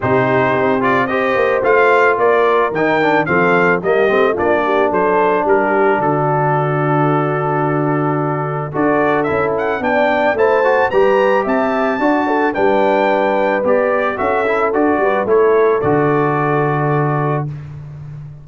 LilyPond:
<<
  \new Staff \with { instrumentName = "trumpet" } { \time 4/4 \tempo 4 = 110 c''4. d''8 dis''4 f''4 | d''4 g''4 f''4 dis''4 | d''4 c''4 ais'4 a'4~ | a'1 |
d''4 e''8 fis''8 g''4 a''4 | ais''4 a''2 g''4~ | g''4 d''4 e''4 d''4 | cis''4 d''2. | }
  \new Staff \with { instrumentName = "horn" } { \time 4/4 g'2 c''2 | ais'2 a'4 g'4 | f'8 g'8 a'4 g'4 fis'4~ | fis'1 |
a'2 d''4 c''4 | b'4 e''4 d''8 a'8 b'4~ | b'2 a'4. b'8 | a'1 | }
  \new Staff \with { instrumentName = "trombone" } { \time 4/4 dis'4. f'8 g'4 f'4~ | f'4 dis'8 d'8 c'4 ais8 c'8 | d'1~ | d'1 |
fis'4 e'4 d'4 e'8 fis'8 | g'2 fis'4 d'4~ | d'4 g'4 fis'8 e'8 fis'4 | e'4 fis'2. | }
  \new Staff \with { instrumentName = "tuba" } { \time 4/4 c4 c'4. ais8 a4 | ais4 dis4 f4 g8 a8 | ais4 fis4 g4 d4~ | d1 |
d'4 cis'4 b4 a4 | g4 c'4 d'4 g4~ | g4 b4 cis'4 d'8 g8 | a4 d2. | }
>>